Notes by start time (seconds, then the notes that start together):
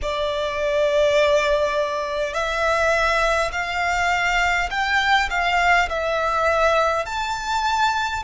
0.02 D5
2.33 E5
3.51 F5
4.70 G5
5.29 F5
5.89 E5
7.05 A5